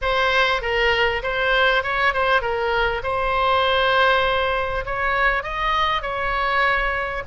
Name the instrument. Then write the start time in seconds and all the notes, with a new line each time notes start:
oboe
0.01 C5
0.61 A#4
1.22 C5
1.83 C#5
2.13 C5
2.41 A#4
3.03 C5
4.85 C#5
5.43 D#5
6.02 C#5